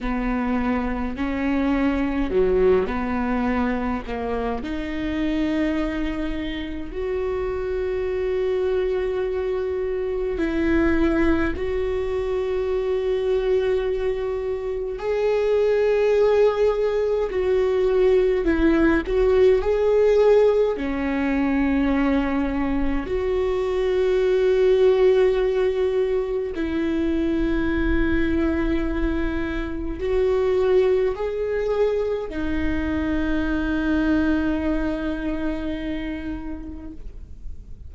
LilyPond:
\new Staff \with { instrumentName = "viola" } { \time 4/4 \tempo 4 = 52 b4 cis'4 fis8 b4 ais8 | dis'2 fis'2~ | fis'4 e'4 fis'2~ | fis'4 gis'2 fis'4 |
e'8 fis'8 gis'4 cis'2 | fis'2. e'4~ | e'2 fis'4 gis'4 | dis'1 | }